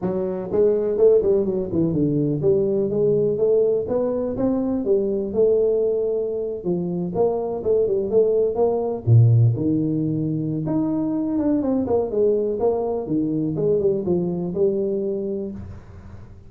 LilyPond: \new Staff \with { instrumentName = "tuba" } { \time 4/4 \tempo 4 = 124 fis4 gis4 a8 g8 fis8 e8 | d4 g4 gis4 a4 | b4 c'4 g4 a4~ | a4.~ a16 f4 ais4 a16~ |
a16 g8 a4 ais4 ais,4 dis16~ | dis2 dis'4. d'8 | c'8 ais8 gis4 ais4 dis4 | gis8 g8 f4 g2 | }